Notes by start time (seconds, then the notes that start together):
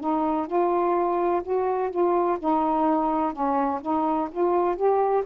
0.00 D#4
0.47 F4
1.43 F#4
1.90 F4
2.39 D#4
3.33 C#4
3.81 D#4
4.31 F4
4.76 G4